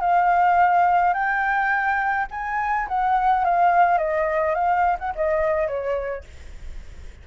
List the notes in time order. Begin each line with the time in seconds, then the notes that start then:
0.00 F5
1.13 G5
2.31 G#5
2.88 F#5
3.44 F5
3.98 D#5
4.54 F5
4.99 F#5
5.15 D#5
5.67 C#5